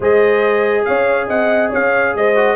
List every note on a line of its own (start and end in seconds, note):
0.00 0.84 G#3
0.00 2.35 G#4
0.00 0.85 C5
0.00 0.84 D#5
0.84 1.28 C#4
0.84 1.27 C#5
0.84 1.27 F5
1.27 1.71 C4
1.27 1.70 D#5
1.27 1.71 F#5
1.70 2.14 C#4
1.70 2.12 C#5
1.70 2.16 F5
2.14 2.56 G#3
2.14 2.56 C5
2.14 2.56 D#5
2.35 2.56 F#4